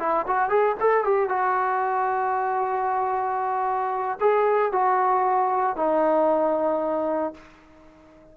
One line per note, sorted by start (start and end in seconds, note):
0.00 0.26 E4
0.27 0.50 F#4
0.50 0.76 G#4
0.81 1.05 A4
1.05 1.30 G4
1.30 4.19 F#4
4.21 4.73 G#4
4.73 5.77 F#4
5.77 7.34 D#4